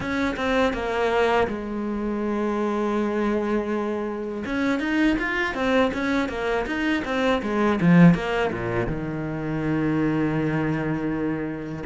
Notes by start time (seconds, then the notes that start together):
0.00 C#4
0.36 C4
0.73 A#3
1.47 G#3
4.45 C#4
4.79 D#4
5.19 F4
5.54 C4
5.93 C#4
6.28 A#3
6.66 D#4
7.04 C4
7.42 G#3
7.80 F3
8.14 A#3
8.52 A#2
8.87 D#3